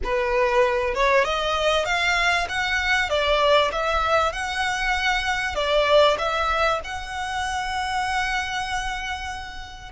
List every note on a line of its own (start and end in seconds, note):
0.03 0.94 B4
0.94 1.24 C#5
1.24 1.85 D#5
1.85 2.47 F5
2.49 3.09 F#5
3.09 3.71 D5
3.72 4.32 E5
4.32 5.55 F#5
5.55 6.17 D5
6.18 6.80 E5
6.84 9.91 F#5